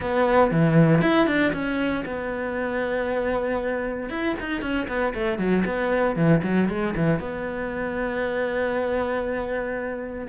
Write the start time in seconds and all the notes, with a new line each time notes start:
0.00 B3
0.51 E3
1.01 E4
1.27 D4
1.52 C#4
2.05 B3
4.09 E4
4.40 D#4
4.61 C#4
4.88 B3
5.14 A3
5.38 F#3
5.65 B3
6.15 E3
6.43 F#3
6.69 G#3
6.95 E3
7.19 B3